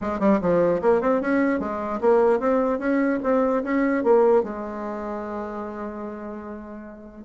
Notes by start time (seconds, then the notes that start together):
0.01 G#3
0.19 G3
0.41 F3
0.81 A#3
1.01 C4
1.21 C#4
1.59 G#3
2.00 A#3
2.39 C4
2.79 C#4
3.23 C4
3.63 C#4
4.03 A#3
4.43 G#3